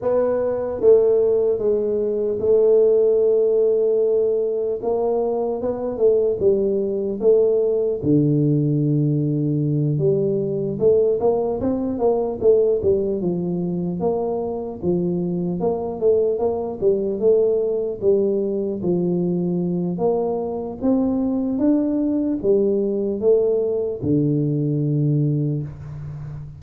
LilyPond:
\new Staff \with { instrumentName = "tuba" } { \time 4/4 \tempo 4 = 75 b4 a4 gis4 a4~ | a2 ais4 b8 a8 | g4 a4 d2~ | d8 g4 a8 ais8 c'8 ais8 a8 |
g8 f4 ais4 f4 ais8 | a8 ais8 g8 a4 g4 f8~ | f4 ais4 c'4 d'4 | g4 a4 d2 | }